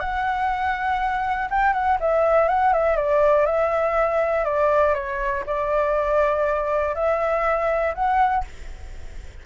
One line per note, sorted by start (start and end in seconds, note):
0.00 1.49 F#5
1.50 1.73 G5
1.73 1.98 F#5
2.00 2.48 E5
2.48 2.73 F#5
2.73 2.96 E5
2.96 3.46 D5
3.46 4.45 E5
4.45 4.94 D5
4.94 5.44 C#5
5.47 6.95 D5
6.95 7.94 E5
7.95 8.44 F#5